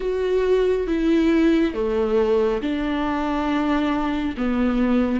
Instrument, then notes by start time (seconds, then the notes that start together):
viola
0.00 F#4
0.87 E4
1.74 A3
2.61 D4
4.37 B3